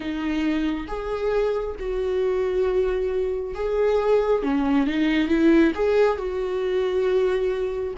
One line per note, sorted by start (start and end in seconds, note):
0.00 0.86 D#4
0.87 1.76 G#4
1.79 3.54 F#4
3.54 4.42 G#4
4.42 4.86 C#4
4.86 5.28 D#4
5.28 5.72 E4
5.74 6.17 G#4
6.17 7.94 F#4